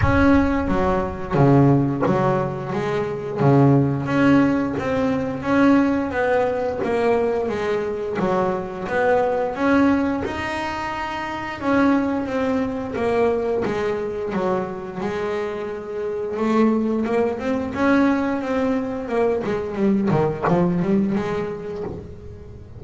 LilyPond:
\new Staff \with { instrumentName = "double bass" } { \time 4/4 \tempo 4 = 88 cis'4 fis4 cis4 fis4 | gis4 cis4 cis'4 c'4 | cis'4 b4 ais4 gis4 | fis4 b4 cis'4 dis'4~ |
dis'4 cis'4 c'4 ais4 | gis4 fis4 gis2 | a4 ais8 c'8 cis'4 c'4 | ais8 gis8 g8 dis8 f8 g8 gis4 | }